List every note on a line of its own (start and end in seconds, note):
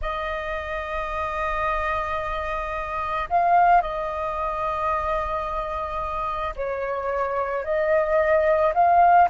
0.01 3.28 D#5
3.29 3.81 F5
3.81 6.54 D#5
6.56 7.64 C#5
7.64 8.73 D#5
8.74 9.28 F5